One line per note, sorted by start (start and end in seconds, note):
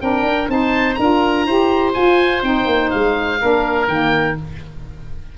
0.00 0.23 C4
0.00 0.48 D4
0.00 0.51 A#4
0.00 0.49 G5
0.23 0.47 D4
0.48 0.97 C4
0.48 0.97 D#4
0.48 1.00 C5
0.48 0.95 A5
0.95 1.46 D4
0.95 1.47 F4
0.95 1.46 A#4
0.95 1.91 A#5
1.46 1.95 E4
1.46 1.94 G4
1.46 3.40 C5
1.94 2.42 F4
1.94 2.43 F4
1.94 2.43 G#5
2.42 2.66 C4
2.42 3.39 D#4
2.42 2.90 G5
2.66 2.90 A#3
2.90 3.42 G#3
2.90 3.87 F5
3.40 3.88 A#3
3.40 3.88 D4
3.40 4.38 A#4
3.88 4.36 D#3
3.88 4.37 A#3
3.88 4.37 G5